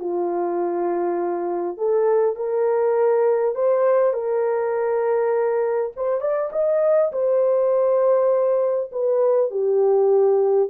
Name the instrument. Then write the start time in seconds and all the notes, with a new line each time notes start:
horn
0.00 F4
1.78 A4
2.36 A#4
3.55 C5
4.14 A#4
5.96 C5
6.21 D5
6.53 D#5
7.12 C5
8.92 B4
9.51 G4